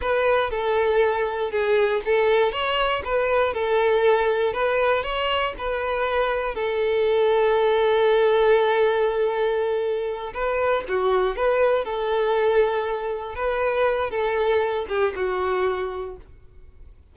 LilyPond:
\new Staff \with { instrumentName = "violin" } { \time 4/4 \tempo 4 = 119 b'4 a'2 gis'4 | a'4 cis''4 b'4 a'4~ | a'4 b'4 cis''4 b'4~ | b'4 a'2.~ |
a'1~ | a'8 b'4 fis'4 b'4 a'8~ | a'2~ a'8 b'4. | a'4. g'8 fis'2 | }